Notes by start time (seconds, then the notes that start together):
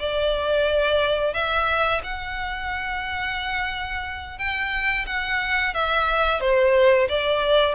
0.00 D5
1.34 E5
2.04 F#5
4.39 G5
5.07 F#5
5.74 E5
6.41 C5
7.09 D5